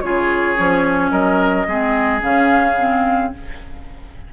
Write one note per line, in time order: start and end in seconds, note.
0.00 0.57 C#3
0.00 0.57 F4
0.00 1.11 G#4
0.00 1.10 C#5
0.57 1.11 F3
0.57 1.67 C#4
1.10 1.66 F#3
1.10 1.66 A#4
1.10 2.20 D#5
1.67 2.22 G#3
1.67 2.20 C4
1.67 3.33 G#4
2.20 3.32 C#3
2.20 2.75 C#4
2.20 3.33 F5
2.78 3.33 C4